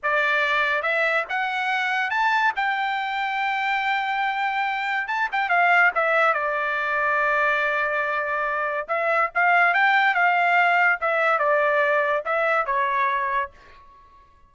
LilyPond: \new Staff \with { instrumentName = "trumpet" } { \time 4/4 \tempo 4 = 142 d''2 e''4 fis''4~ | fis''4 a''4 g''2~ | g''1 | a''8 g''8 f''4 e''4 d''4~ |
d''1~ | d''4 e''4 f''4 g''4 | f''2 e''4 d''4~ | d''4 e''4 cis''2 | }